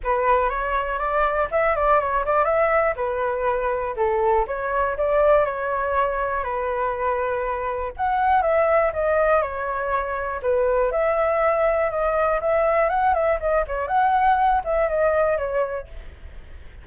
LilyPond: \new Staff \with { instrumentName = "flute" } { \time 4/4 \tempo 4 = 121 b'4 cis''4 d''4 e''8 d''8 | cis''8 d''8 e''4 b'2 | a'4 cis''4 d''4 cis''4~ | cis''4 b'2. |
fis''4 e''4 dis''4 cis''4~ | cis''4 b'4 e''2 | dis''4 e''4 fis''8 e''8 dis''8 cis''8 | fis''4. e''8 dis''4 cis''4 | }